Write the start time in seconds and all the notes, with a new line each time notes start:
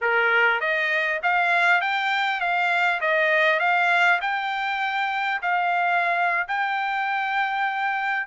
0.01 A#4
0.60 D#5
1.22 F5
1.81 G5
2.40 F5
3.00 D#5
3.59 F5
4.21 G5
5.42 F5
6.47 G5